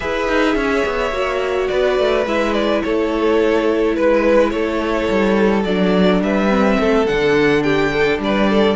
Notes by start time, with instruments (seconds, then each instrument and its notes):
0.00 cello E4, viola G#4, violin B4 E5
0.28 cello D#4
0.55 cello C#4, violin C#5
0.85 cello B3
1.11 cello A#3, viola F#4
1.68 cello B3, violin B4 D5
1.98 cello A3
2.25 cello G#3, viola E4, violin E5
2.53 violin D5
2.83 cello A3, violin A4 C#5
3.95 cello G#3, violin B4
4.50 cello A3, violin A4 C#5
5.09 cello G3
5.64 cello F#3, viola D4, violin D5
6.21 cello G3, violin B4 E5
6.49 viola C4
6.79 cello A3, violin A4
7.06 cello D3, viola D4, violin F#5
7.62 violin G4 G5
7.92 violin A4
8.18 cello G3, violin B4 D5
8.49 violin A4